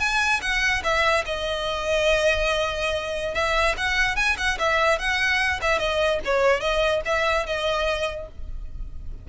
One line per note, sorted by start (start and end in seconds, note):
0.00 0.41 G#5
0.42 0.82 F#5
0.84 1.25 E5
1.26 3.35 D#5
3.35 3.75 E5
3.77 4.16 F#5
4.16 4.36 G#5
4.38 4.58 F#5
4.59 4.99 E5
4.99 5.60 F#5
5.62 5.79 E5
5.79 6.20 D#5
6.25 6.61 C#5
6.61 7.01 D#5
7.05 7.46 E5
7.46 8.28 D#5